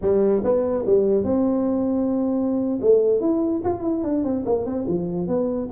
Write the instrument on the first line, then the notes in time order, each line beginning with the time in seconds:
tuba
0.01 G3
0.43 B3
0.86 G3
1.24 C4
2.81 A3
3.20 E4
3.64 F4
3.82 E4
4.03 D4
4.23 C4
4.45 A#3
4.65 C4
4.87 F3
5.27 B3